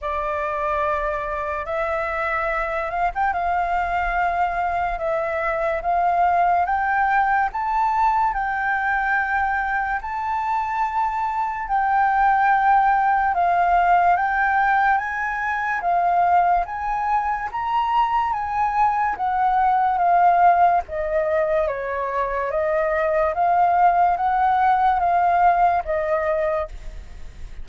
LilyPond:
\new Staff \with { instrumentName = "flute" } { \time 4/4 \tempo 4 = 72 d''2 e''4. f''16 g''16 | f''2 e''4 f''4 | g''4 a''4 g''2 | a''2 g''2 |
f''4 g''4 gis''4 f''4 | gis''4 ais''4 gis''4 fis''4 | f''4 dis''4 cis''4 dis''4 | f''4 fis''4 f''4 dis''4 | }